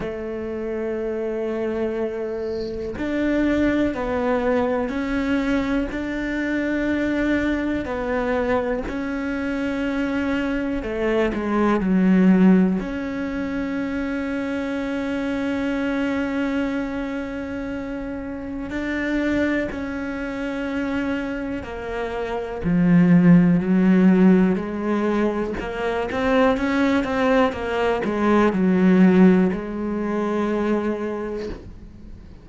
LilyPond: \new Staff \with { instrumentName = "cello" } { \time 4/4 \tempo 4 = 61 a2. d'4 | b4 cis'4 d'2 | b4 cis'2 a8 gis8 | fis4 cis'2.~ |
cis'2. d'4 | cis'2 ais4 f4 | fis4 gis4 ais8 c'8 cis'8 c'8 | ais8 gis8 fis4 gis2 | }